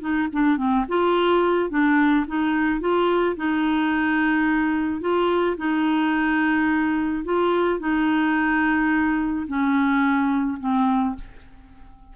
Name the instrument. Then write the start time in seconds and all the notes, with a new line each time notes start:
clarinet
0.00 D#4
0.32 D4
0.57 C4
0.88 F4
1.70 D4
2.27 D#4
2.80 F4
3.36 D#4
5.01 F4
5.57 D#4
7.24 F4
7.79 D#4
9.47 C#4
10.59 C4